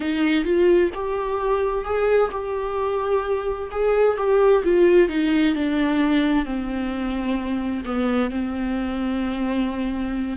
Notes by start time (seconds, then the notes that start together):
0.00 D#4
0.44 F4
0.94 G4
1.85 G#4
2.31 G4
3.71 G#4
4.17 G4
4.64 F4
5.09 D#4
5.55 D4
6.45 C4
7.85 B3
8.30 C4